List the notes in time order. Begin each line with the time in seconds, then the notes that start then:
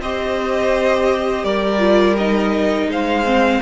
0.00 C4 G4 C5 D#5
1.44 G3 A#4 D5
1.79 F4
2.18 D#4 D#5
2.88 G#3 C5 F5
3.25 C4